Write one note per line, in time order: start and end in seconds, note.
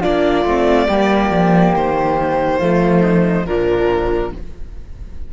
0.00 0.44 A#3
0.00 0.45 D4
0.00 0.86 F4
0.00 1.74 D5
0.44 0.87 A3
0.44 0.89 C4
0.87 1.30 G3
0.87 2.60 A#3
0.87 2.59 G4
1.30 1.73 F3
1.75 2.61 D#3
1.75 3.45 C5
2.59 3.46 F3
2.59 3.46 A3
2.59 3.02 F4
3.02 3.44 D#4
3.45 4.32 A#2
3.45 4.32 F3
3.45 4.33 D4
3.45 4.31 A#4